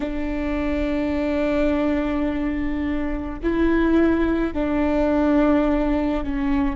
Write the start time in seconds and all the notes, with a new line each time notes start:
0.00 D4
3.43 E4
4.53 D4
6.23 C#4